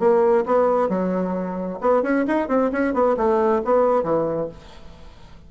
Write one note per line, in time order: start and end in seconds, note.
0.00 0.45 A#3
0.46 0.90 B3
0.90 1.80 F#3
1.81 2.03 B3
2.03 2.26 C#4
2.28 2.49 D#4
2.49 2.71 C4
2.73 2.94 C#4
2.94 3.17 B3
3.18 3.63 A3
3.65 4.04 B3
4.04 4.49 E3